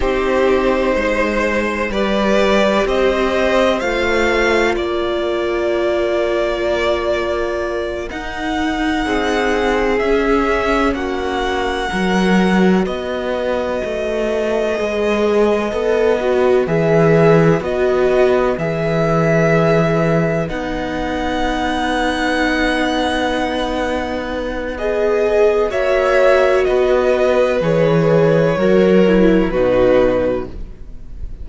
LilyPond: <<
  \new Staff \with { instrumentName = "violin" } { \time 4/4 \tempo 4 = 63 c''2 d''4 dis''4 | f''4 d''2.~ | d''8 fis''2 e''4 fis''8~ | fis''4. dis''2~ dis''8~ |
dis''4. e''4 dis''4 e''8~ | e''4. fis''2~ fis''8~ | fis''2 dis''4 e''4 | dis''4 cis''2 b'4 | }
  \new Staff \with { instrumentName = "violin" } { \time 4/4 g'4 c''4 b'4 c''4~ | c''4 ais'2.~ | ais'4. gis'2 fis'8~ | fis'8 ais'4 b'2~ b'8~ |
b'1~ | b'1~ | b'2. cis''4 | b'2 ais'4 fis'4 | }
  \new Staff \with { instrumentName = "viola" } { \time 4/4 dis'2 g'2 | f'1~ | f'8 dis'2 cis'4.~ | cis'8 fis'2. gis'8~ |
gis'8 a'8 fis'8 gis'4 fis'4 gis'8~ | gis'4. dis'2~ dis'8~ | dis'2 gis'4 fis'4~ | fis'4 gis'4 fis'8 e'8 dis'4 | }
  \new Staff \with { instrumentName = "cello" } { \time 4/4 c'4 gis4 g4 c'4 | a4 ais2.~ | ais8 dis'4 c'4 cis'4 ais8~ | ais8 fis4 b4 a4 gis8~ |
gis8 b4 e4 b4 e8~ | e4. b2~ b8~ | b2. ais4 | b4 e4 fis4 b,4 | }
>>